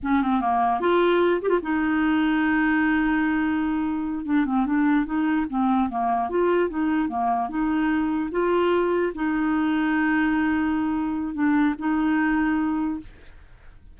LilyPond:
\new Staff \with { instrumentName = "clarinet" } { \time 4/4 \tempo 4 = 148 cis'8 c'8 ais4 f'4. g'16 f'16 | dis'1~ | dis'2~ dis'8 d'8 c'8 d'8~ | d'8 dis'4 c'4 ais4 f'8~ |
f'8 dis'4 ais4 dis'4.~ | dis'8 f'2 dis'4.~ | dis'1 | d'4 dis'2. | }